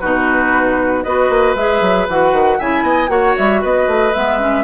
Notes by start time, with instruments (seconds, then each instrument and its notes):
0.00 bassoon B2, clarinet D#4, oboe F#4, flute B4
1.03 bassoon B3, clarinet F#4, oboe B4, flute D#5
1.29 bassoon A#3
1.55 bassoon G#3, clarinet G#4, flute E5
1.81 bassoon F#3
2.08 bassoon E3, clarinet F#4, flute F#5
2.33 bassoon D#3
2.59 bassoon C#3, clarinet E4, oboe E5, flute G#5
2.82 bassoon B3, oboe D#5
3.08 bassoon A#3, clarinet F#4, oboe C#5, flute F#5
3.37 bassoon G3, flute E5
3.61 bassoon B3, oboe B4, flute D#5
3.87 bassoon A3
4.14 bassoon G#3, clarinet B3, flute E5
4.39 clarinet C#4